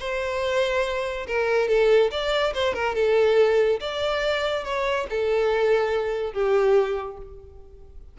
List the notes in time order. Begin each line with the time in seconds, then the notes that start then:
0.00 C5
1.27 A#4
1.68 A4
2.11 D5
2.54 C5
2.74 A#4
2.95 A4
3.80 D5
4.64 C#5
5.10 A4
6.33 G4